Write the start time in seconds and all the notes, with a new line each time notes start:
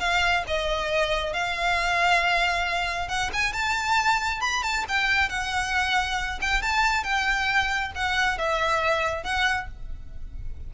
0.00 F5
0.47 D#5
1.33 F5
3.09 F#5
3.33 G#5
3.53 A5
4.41 B5
4.63 A5
4.89 G5
5.29 F#5
6.42 G5
6.62 A5
7.04 G5
7.95 F#5
8.38 E5
9.24 F#5